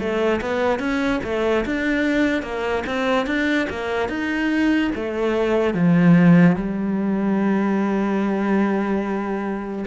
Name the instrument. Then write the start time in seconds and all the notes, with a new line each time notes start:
cello
0.00 A3
0.42 B3
0.80 C#4
1.24 A3
1.66 D4
2.43 A#3
2.87 C4
3.27 D4
3.70 A#3
4.09 D#4
4.96 A3
5.75 F3
6.57 G3